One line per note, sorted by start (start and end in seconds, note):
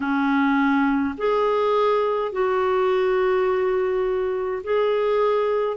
0.00 1.15 C#4
1.17 2.32 G#4
2.32 4.63 F#4
4.63 5.77 G#4